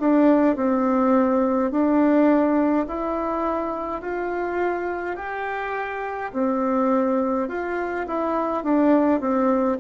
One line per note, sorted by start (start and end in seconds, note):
0.00 0.56 D4
0.56 1.72 C4
1.72 2.87 D4
2.87 4.02 E4
4.02 5.17 F4
5.17 6.32 G4
6.33 7.48 C4
7.48 8.06 F4
8.07 8.64 E4
8.64 9.21 D4
9.21 9.79 C4